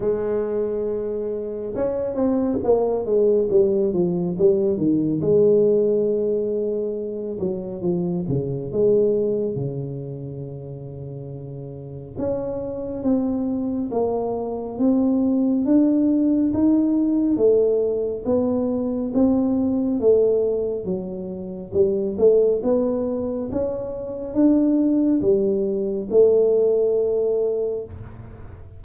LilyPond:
\new Staff \with { instrumentName = "tuba" } { \time 4/4 \tempo 4 = 69 gis2 cis'8 c'8 ais8 gis8 | g8 f8 g8 dis8 gis2~ | gis8 fis8 f8 cis8 gis4 cis4~ | cis2 cis'4 c'4 |
ais4 c'4 d'4 dis'4 | a4 b4 c'4 a4 | fis4 g8 a8 b4 cis'4 | d'4 g4 a2 | }